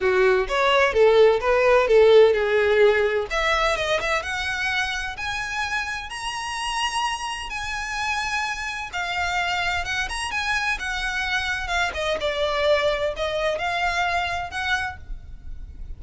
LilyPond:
\new Staff \with { instrumentName = "violin" } { \time 4/4 \tempo 4 = 128 fis'4 cis''4 a'4 b'4 | a'4 gis'2 e''4 | dis''8 e''8 fis''2 gis''4~ | gis''4 ais''2. |
gis''2. f''4~ | f''4 fis''8 ais''8 gis''4 fis''4~ | fis''4 f''8 dis''8 d''2 | dis''4 f''2 fis''4 | }